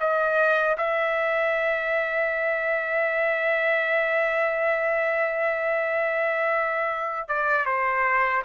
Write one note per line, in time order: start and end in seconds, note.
0.00 0.77 D#5
0.78 7.28 E5
7.28 7.66 D5
7.66 8.43 C5